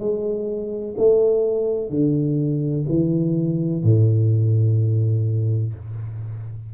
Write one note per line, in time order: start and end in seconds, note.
0.00 0.95 G#3
0.98 1.90 A3
1.90 2.86 D3
2.89 3.84 E3
3.84 5.74 A2